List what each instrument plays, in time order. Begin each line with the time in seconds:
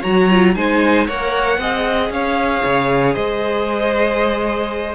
0.00 cello F#3, viola F#4, violin C#5 A#5
0.30 viola F4
0.55 cello G#3, viola D#4, violin C5 G#5
1.07 cello A#3, viola A#4, violin C#5 F#5
1.58 cello C4, viola G#4, violin D#5
2.10 cello C#4, violin C#5 F5
2.64 cello C#3
3.14 cello G#3, violin C5 D#5